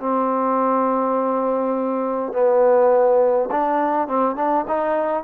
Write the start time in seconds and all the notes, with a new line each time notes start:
0.00 C4
2.33 B3
3.51 D4
4.08 C4
4.36 D4
4.68 D#4